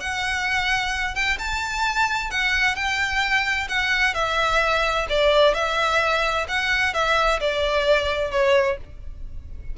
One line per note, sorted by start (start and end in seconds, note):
0.00 1.14 F#5
1.14 1.37 G5
1.38 2.30 A5
2.30 2.75 F#5
2.75 3.67 G5
3.68 4.14 F#5
4.14 5.06 E5
5.09 5.54 D5
5.54 6.46 E5
6.48 6.93 F#5
6.93 7.40 E5
7.40 8.31 D5
8.31 8.77 C#5